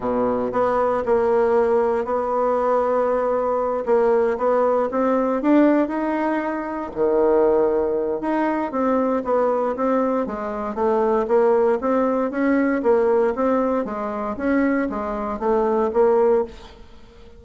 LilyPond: \new Staff \with { instrumentName = "bassoon" } { \time 4/4 \tempo 4 = 117 b,4 b4 ais2 | b2.~ b8 ais8~ | ais8 b4 c'4 d'4 dis'8~ | dis'4. dis2~ dis8 |
dis'4 c'4 b4 c'4 | gis4 a4 ais4 c'4 | cis'4 ais4 c'4 gis4 | cis'4 gis4 a4 ais4 | }